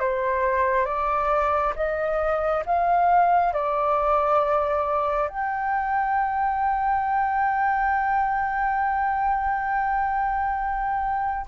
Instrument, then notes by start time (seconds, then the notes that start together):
flute
0.00 C5
0.85 D5
1.76 D#5
2.66 F5
3.53 D5
5.29 G5